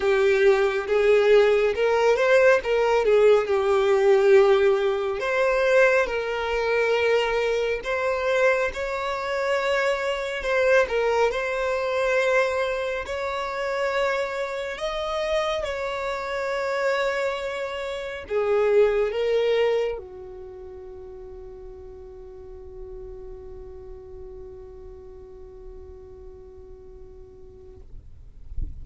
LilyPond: \new Staff \with { instrumentName = "violin" } { \time 4/4 \tempo 4 = 69 g'4 gis'4 ais'8 c''8 ais'8 gis'8 | g'2 c''4 ais'4~ | ais'4 c''4 cis''2 | c''8 ais'8 c''2 cis''4~ |
cis''4 dis''4 cis''2~ | cis''4 gis'4 ais'4 fis'4~ | fis'1~ | fis'1 | }